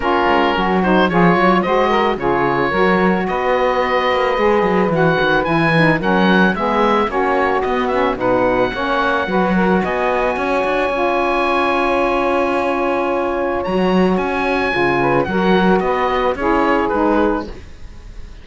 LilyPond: <<
  \new Staff \with { instrumentName = "oboe" } { \time 4/4 \tempo 4 = 110 ais'4. c''8 cis''4 dis''4 | cis''2 dis''2~ | dis''4 fis''4 gis''4 fis''4 | e''4 cis''4 dis''8 e''8 fis''4~ |
fis''2 gis''2~ | gis''1~ | gis''4 ais''4 gis''2 | fis''4 dis''4 cis''4 b'4 | }
  \new Staff \with { instrumentName = "saxophone" } { \time 4/4 f'4 fis'4 gis'8 cis''8 c''8 ais'8 | gis'4 ais'4 b'2~ | b'2. ais'4 | gis'4 fis'2 b'4 |
cis''4 b'8 ais'8 dis''4 cis''4~ | cis''1~ | cis''2.~ cis''8 b'8 | ais'4 b'4 gis'2 | }
  \new Staff \with { instrumentName = "saxophone" } { \time 4/4 cis'4. dis'8 f'4 fis'4 | f'4 fis'2. | gis'4 fis'4 e'8 dis'8 cis'4 | b4 cis'4 b8 cis'8 dis'4 |
cis'4 fis'2. | f'1~ | f'4 fis'2 f'4 | fis'2 e'4 dis'4 | }
  \new Staff \with { instrumentName = "cello" } { \time 4/4 ais8 gis8 fis4 f8 fis8 gis4 | cis4 fis4 b4. ais8 | gis8 fis8 e8 dis8 e4 fis4 | gis4 ais4 b4 b,4 |
ais4 fis4 b4 cis'8 d'8 | cis'1~ | cis'4 fis4 cis'4 cis4 | fis4 b4 cis'4 gis4 | }
>>